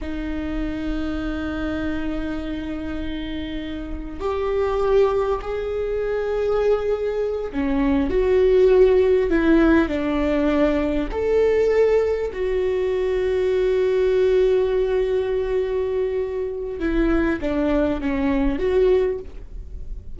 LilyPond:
\new Staff \with { instrumentName = "viola" } { \time 4/4 \tempo 4 = 100 dis'1~ | dis'2. g'4~ | g'4 gis'2.~ | gis'8 cis'4 fis'2 e'8~ |
e'8 d'2 a'4.~ | a'8 fis'2.~ fis'8~ | fis'1 | e'4 d'4 cis'4 fis'4 | }